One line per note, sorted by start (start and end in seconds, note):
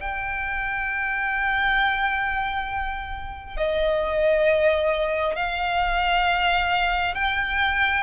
0.00 3.57 G5
3.57 5.36 D#5
5.36 7.14 F5
7.14 8.03 G5